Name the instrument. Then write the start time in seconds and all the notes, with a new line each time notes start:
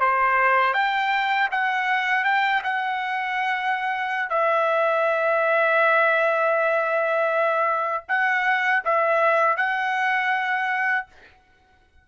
trumpet
0.00 C5
0.74 G5
1.51 F#5
2.24 G5
2.64 F#5
4.29 E5
8.08 F#5
8.85 E5
9.57 F#5